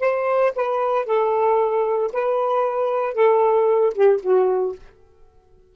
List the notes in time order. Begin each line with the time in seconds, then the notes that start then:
0.00 C5
0.56 B4
1.06 A4
2.13 B4
3.14 A4
3.94 G4
4.23 F#4